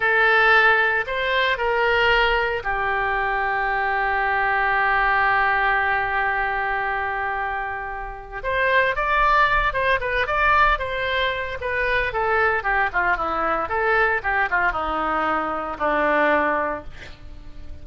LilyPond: \new Staff \with { instrumentName = "oboe" } { \time 4/4 \tempo 4 = 114 a'2 c''4 ais'4~ | ais'4 g'2.~ | g'1~ | g'1 |
c''4 d''4. c''8 b'8 d''8~ | d''8 c''4. b'4 a'4 | g'8 f'8 e'4 a'4 g'8 f'8 | dis'2 d'2 | }